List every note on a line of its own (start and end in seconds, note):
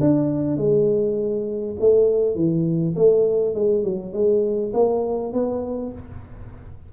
0.00 0.57 D4
0.57 1.76 G#3
1.80 2.35 A3
2.35 2.94 E3
2.95 3.54 A3
3.54 3.83 G#3
3.83 4.13 F#3
4.13 4.72 G#3
4.73 5.33 A#3
5.33 5.92 B3